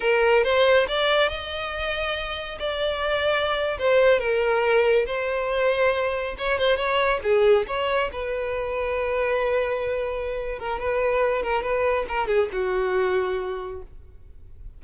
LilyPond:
\new Staff \with { instrumentName = "violin" } { \time 4/4 \tempo 4 = 139 ais'4 c''4 d''4 dis''4~ | dis''2 d''2~ | d''8. c''4 ais'2 c''16~ | c''2~ c''8. cis''8 c''8 cis''16~ |
cis''8. gis'4 cis''4 b'4~ b'16~ | b'1~ | b'8 ais'8 b'4. ais'8 b'4 | ais'8 gis'8 fis'2. | }